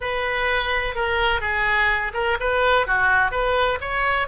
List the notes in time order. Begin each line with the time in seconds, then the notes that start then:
0.00 B4
0.95 A#4
1.40 G#4
2.13 A#4
2.40 B4
2.86 F#4
3.31 B4
3.81 C#5